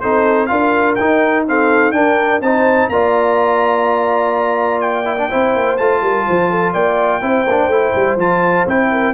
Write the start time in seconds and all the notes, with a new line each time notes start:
0.00 C4 D#4 A4 C5
0.47 D4 F4 A#4 F5
0.95 D#4 G5
1.47 C4 A4 F5
1.92 D4 A#4 G5
2.40 C4 D#4 C5 A5
2.89 A#3 F4 D5 A#5
4.81 G5
5.05 E4
5.18 D4
5.30 C4 E4 C5
5.55 A#3
5.77 A3 F4 A5
6.02 G3 A#4
6.27 F3 C5
6.51 A4
6.73 A#3 D5 G5
7.22 C4 E4 C5
7.47 A#3 D4
7.67 A3 E4
7.96 G3
8.16 F3 F4 A5
8.66 C4 E4 G5
8.91 A#4